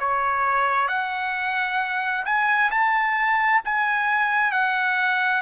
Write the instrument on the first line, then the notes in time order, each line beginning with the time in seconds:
trumpet
0.00 C#5
0.88 F#5
2.25 G#5
2.71 A5
3.65 G#5
4.52 F#5